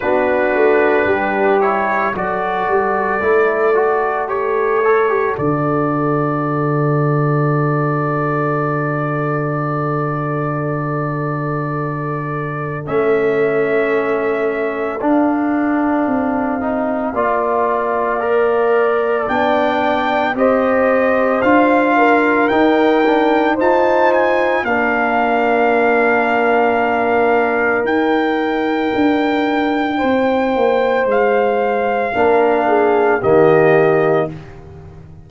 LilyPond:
<<
  \new Staff \with { instrumentName = "trumpet" } { \time 4/4 \tempo 4 = 56 b'4. cis''8 d''2 | cis''4 d''2.~ | d''1 | e''2 f''2~ |
f''2 g''4 dis''4 | f''4 g''4 a''8 gis''8 f''4~ | f''2 g''2~ | g''4 f''2 dis''4 | }
  \new Staff \with { instrumentName = "horn" } { \time 4/4 fis'4 g'4 a'2~ | a'1~ | a'1~ | a'1 |
d''2. c''4~ | c''8 ais'4. c''4 ais'4~ | ais'1 | c''2 ais'8 gis'8 g'4 | }
  \new Staff \with { instrumentName = "trombone" } { \time 4/4 d'4. e'8 fis'4 e'8 fis'8 | g'8 a'16 g'16 fis'2.~ | fis'1 | cis'2 d'4. dis'8 |
f'4 ais'4 d'4 g'4 | f'4 dis'8 d'8 dis'4 d'4~ | d'2 dis'2~ | dis'2 d'4 ais4 | }
  \new Staff \with { instrumentName = "tuba" } { \time 4/4 b8 a8 g4 fis8 g8 a4~ | a4 d2.~ | d1 | a2 d'4 c'4 |
ais2 b4 c'4 | d'4 dis'4 f'4 ais4~ | ais2 dis'4 d'4 | c'8 ais8 gis4 ais4 dis4 | }
>>